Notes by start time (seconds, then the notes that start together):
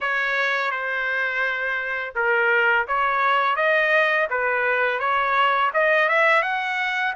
0.01 C#5
0.71 C5
2.15 A#4
2.87 C#5
3.56 D#5
4.30 B4
4.99 C#5
5.73 D#5
6.08 E5
6.42 F#5